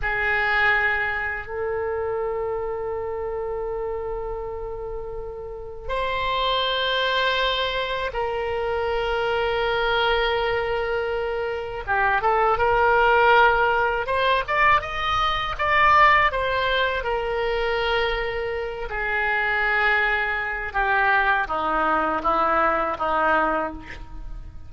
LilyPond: \new Staff \with { instrumentName = "oboe" } { \time 4/4 \tempo 4 = 81 gis'2 a'2~ | a'1 | c''2. ais'4~ | ais'1 |
g'8 a'8 ais'2 c''8 d''8 | dis''4 d''4 c''4 ais'4~ | ais'4. gis'2~ gis'8 | g'4 dis'4 e'4 dis'4 | }